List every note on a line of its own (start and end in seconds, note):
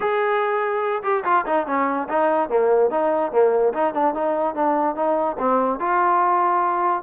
0.00 1.02 G#4
1.03 1.23 G4
1.24 1.45 F4
1.46 1.66 D#4
1.66 2.08 C#4
2.09 2.49 D#4
2.49 2.90 A#3
2.90 3.31 D#4
3.31 3.73 A#3
3.73 3.93 D#4
3.93 4.14 D4
4.14 4.54 D#4
4.54 4.95 D4
4.95 5.37 D#4
5.38 5.79 C4
5.79 7.03 F4